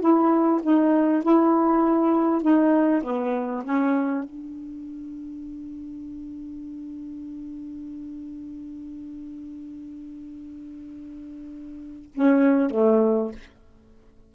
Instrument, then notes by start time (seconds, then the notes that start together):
saxophone
0.00 E4
0.63 D#4
1.23 E4
2.42 D#4
3.03 B3
3.64 C#4
4.23 D4
12.14 C#4
12.70 A3